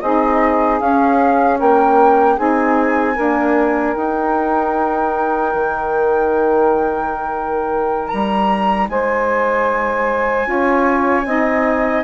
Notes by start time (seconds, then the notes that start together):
0.00 C4 D#4 G#4 D#5
0.79 C#4 F5
1.58 A#3 A#4 G5
2.35 C4 D#4 G#4 G#5
3.14 A#3 D4 A#4
3.93 D#4 G5
5.54 D#3
8.08 G3 A#5
8.89 G#3 C5 G#5
10.43 C#4 F4 C#5
11.25 C4 D#4 D#5